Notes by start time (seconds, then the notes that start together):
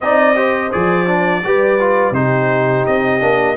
0.01 C4 D#4 D5 D#5
0.35 G4 C5
0.72 F3 G#4 D5
1.06 D4
1.43 G3 G4 B4
1.79 F4
2.11 C3 D#4 G4 C5
2.86 C4 D#5
3.19 A#3 D4